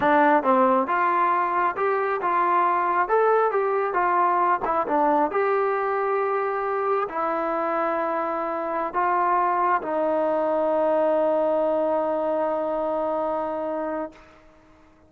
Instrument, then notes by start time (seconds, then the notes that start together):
trombone
0.00 D4
0.43 C4
0.87 F4
1.76 G4
2.21 F4
3.08 A4
3.51 G4
3.93 F4
4.64 E4
4.87 D4
5.31 G4
7.08 E4
8.93 F4
9.82 D#4